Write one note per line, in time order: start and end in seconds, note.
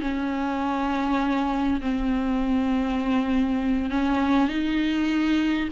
0.00 1.80 C#4
1.81 3.90 C4
3.90 4.48 C#4
4.48 5.68 D#4